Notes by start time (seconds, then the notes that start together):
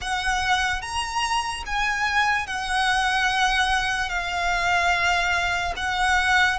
0.01 F#5
0.81 A#5
1.66 G#5
2.46 F#5
4.09 F5
5.76 F#5